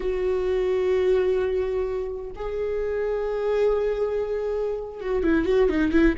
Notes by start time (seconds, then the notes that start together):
0.00 F#4
2.35 G#4
5.00 F#4
5.23 E4
5.45 F#4
5.69 D#4
5.91 E4